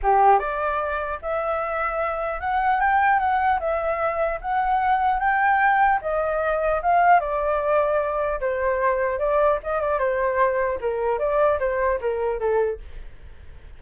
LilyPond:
\new Staff \with { instrumentName = "flute" } { \time 4/4 \tempo 4 = 150 g'4 d''2 e''4~ | e''2 fis''4 g''4 | fis''4 e''2 fis''4~ | fis''4 g''2 dis''4~ |
dis''4 f''4 d''2~ | d''4 c''2 d''4 | dis''8 d''8 c''2 ais'4 | d''4 c''4 ais'4 a'4 | }